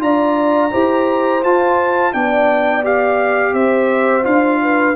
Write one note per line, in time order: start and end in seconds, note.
0.00 0.72 D4
0.00 0.71 F4
0.00 0.72 D5
0.00 1.44 A#5
0.71 1.44 E4
0.71 1.42 G4
0.71 2.13 C5
1.44 2.14 F4
1.44 2.13 F4
1.44 2.14 A5
2.13 3.54 B3
2.13 2.84 D4
2.13 3.54 D5
2.13 2.84 G5
2.84 4.23 G4
2.84 3.54 F5
3.54 4.25 C4
3.54 4.59 C5
3.54 4.25 E5
4.23 4.96 D4
4.23 4.94 F4
4.23 4.96 F5
4.62 4.96 B4